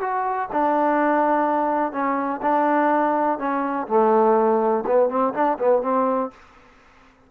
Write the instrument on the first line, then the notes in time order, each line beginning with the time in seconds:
trombone
0.00 F#4
0.52 D4
1.92 C#4
2.42 D4
3.38 C#4
3.87 A3
4.86 B3
5.09 C4
5.34 D4
5.58 B3
5.82 C4